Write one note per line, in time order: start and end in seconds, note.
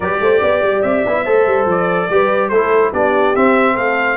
0.00 0.19 G3
0.00 1.06 G4
0.00 0.21 B4
0.00 0.82 D5
0.20 0.41 A3
0.20 0.41 C5
0.41 0.62 B3
0.41 1.24 D5
0.62 0.83 G3
0.82 1.04 C4
0.82 1.66 E5
1.06 1.27 B3
1.06 1.25 E4
1.24 1.46 A3
1.24 2.09 A4
1.24 2.08 C5
1.46 1.65 G3
1.65 2.07 F3
1.65 2.48 D5
2.09 2.50 G3
2.09 2.52 G4
2.09 2.50 B4
2.48 2.92 A3
2.48 2.93 E4
2.48 2.91 A4
2.48 2.90 C5
2.91 3.35 B3
2.91 3.34 D4
2.91 3.74 G4
2.91 3.35 D5
3.34 4.17 C4
3.34 3.77 C4
3.34 3.76 E5
3.74 4.17 A3
3.74 4.16 A4
3.74 4.17 F5